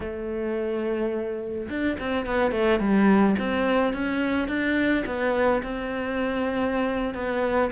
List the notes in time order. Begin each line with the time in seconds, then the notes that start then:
0.00 A3
1.69 D4
1.99 C4
2.26 B3
2.51 A3
2.79 G3
3.38 C4
3.93 C#4
4.48 D4
5.05 B3
5.63 C4
7.14 B3